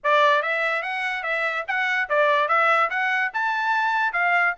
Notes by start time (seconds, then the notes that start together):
0.03 D5
0.42 E5
0.82 F#5
1.23 E5
1.67 F#5
2.09 D5
2.48 E5
2.90 F#5
3.33 A5
4.12 F5